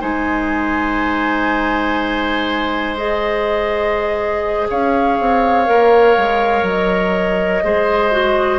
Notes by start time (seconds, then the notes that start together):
0.00 G#3 D#4 C5 G#5
2.96 G#4 D#5
4.69 C#4 C#5 F5
5.19 C4
5.66 A#3 A#4
6.17 G#3
6.62 F#3 D#5
7.63 G#3 G#4 C5
8.11 F#4